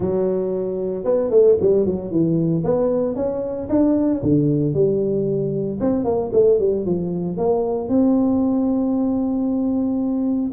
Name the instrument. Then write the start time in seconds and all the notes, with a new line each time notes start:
tuba
0.00 F#3
1.04 B3
1.30 A3
1.61 G3
1.86 F#3
2.11 E3
2.64 B3
3.15 C#4
3.69 D4
4.22 D3
4.73 G3
5.80 C4
6.04 A#3
6.33 A3
6.59 G3
6.85 F3
7.37 A#3
7.89 C4